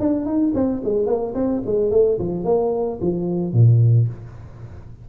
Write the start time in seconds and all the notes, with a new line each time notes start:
0.00 D4
0.26 D#4
0.55 C4
0.84 G#3
1.07 A#3
1.35 C4
1.67 G#3
1.91 A3
2.19 F3
2.45 A#3
3.02 F3
3.54 A#2